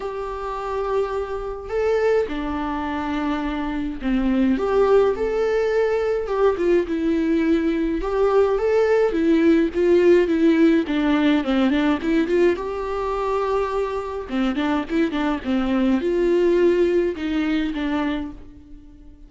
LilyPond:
\new Staff \with { instrumentName = "viola" } { \time 4/4 \tempo 4 = 105 g'2. a'4 | d'2. c'4 | g'4 a'2 g'8 f'8 | e'2 g'4 a'4 |
e'4 f'4 e'4 d'4 | c'8 d'8 e'8 f'8 g'2~ | g'4 c'8 d'8 e'8 d'8 c'4 | f'2 dis'4 d'4 | }